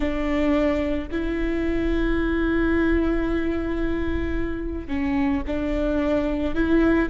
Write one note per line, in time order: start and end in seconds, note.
0.00 1.08 D4
1.11 4.87 E4
4.87 5.42 C#4
5.46 6.55 D4
6.55 7.09 E4